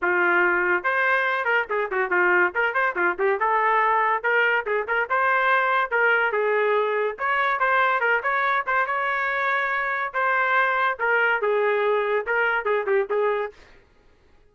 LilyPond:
\new Staff \with { instrumentName = "trumpet" } { \time 4/4 \tempo 4 = 142 f'2 c''4. ais'8 | gis'8 fis'8 f'4 ais'8 c''8 f'8 g'8 | a'2 ais'4 gis'8 ais'8 | c''2 ais'4 gis'4~ |
gis'4 cis''4 c''4 ais'8 cis''8~ | cis''8 c''8 cis''2. | c''2 ais'4 gis'4~ | gis'4 ais'4 gis'8 g'8 gis'4 | }